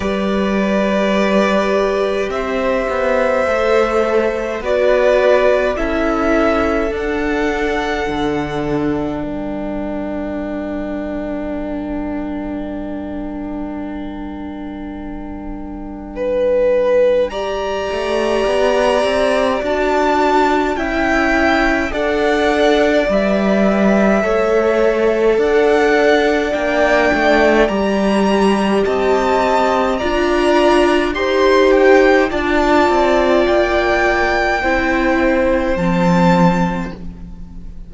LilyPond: <<
  \new Staff \with { instrumentName = "violin" } { \time 4/4 \tempo 4 = 52 d''2 e''2 | d''4 e''4 fis''2 | g''1~ | g''2. ais''4~ |
ais''4 a''4 g''4 fis''4 | e''2 fis''4 g''4 | ais''4 a''4 ais''4 c'''8 g''8 | a''4 g''2 a''4 | }
  \new Staff \with { instrumentName = "violin" } { \time 4/4 b'2 c''2 | b'4 a'2. | ais'1~ | ais'2 b'4 d''4~ |
d''2 e''4 d''4~ | d''4 cis''4 d''2~ | d''4 dis''4 d''4 c''4 | d''2 c''2 | }
  \new Staff \with { instrumentName = "viola" } { \time 4/4 g'2. a'4 | fis'4 e'4 d'2~ | d'1~ | d'2. g'4~ |
g'4 fis'4 e'4 a'4 | b'4 a'2 d'4 | g'2 f'4 g'4 | f'2 e'4 c'4 | }
  \new Staff \with { instrumentName = "cello" } { \time 4/4 g2 c'8 b8 a4 | b4 cis'4 d'4 d4 | g1~ | g2.~ g8 a8 |
b8 c'8 d'4 cis'4 d'4 | g4 a4 d'4 ais8 a8 | g4 c'4 d'4 dis'4 | d'8 c'8 ais4 c'4 f4 | }
>>